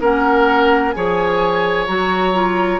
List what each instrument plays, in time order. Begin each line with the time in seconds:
0.00 bassoon A#3, clarinet C#4, oboe A#4, flute F#5
0.91 bassoon F3, clarinet G#4, oboe C#5, flute G#5
1.86 bassoon F#3, clarinet F#4, flute A#5
2.33 clarinet F4